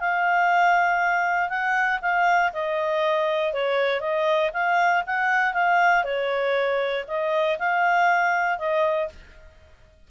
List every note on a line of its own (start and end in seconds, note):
0.00 1.49 F5
1.49 2.00 F#5
2.02 2.52 F5
2.53 3.53 D#5
3.53 4.01 C#5
4.01 4.51 D#5
4.53 5.04 F5
5.06 5.54 F#5
5.54 6.04 F5
6.04 7.05 C#5
7.08 7.58 D#5
7.59 8.59 F5
8.59 9.09 D#5